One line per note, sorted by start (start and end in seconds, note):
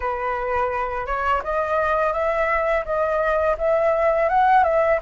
0.00 1.06 B4
1.06 1.42 C#5
1.43 2.12 D#5
2.12 2.84 E5
2.85 3.56 D#5
3.57 4.29 E5
4.29 4.63 F#5
4.63 4.99 E5